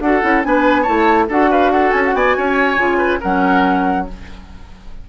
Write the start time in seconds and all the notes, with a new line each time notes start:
0.00 D4 F#4 A4 F#5
0.22 C#4 E4
0.43 B3 D4 B4 G#5
0.82 E4 C#5 A5
0.88 A3
1.29 D4 F#4 A4 F#5
1.51 B4 F5
1.71 A4 F#5
1.92 C#4 G#5
2.05 F#5
2.14 B3 D5 G#5
2.38 C#4 C#5
2.77 C#3 F4
2.98 B4
3.21 F#3 C#4 A#4 F#5